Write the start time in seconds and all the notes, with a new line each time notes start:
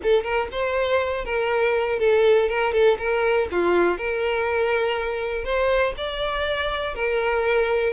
0.02 A4
0.23 A#4
0.51 C5
1.25 A#4
1.99 A4
2.48 A#4
2.72 A4
2.98 A#4
3.51 F4
3.97 A#4
5.44 C5
5.97 D5
6.94 A#4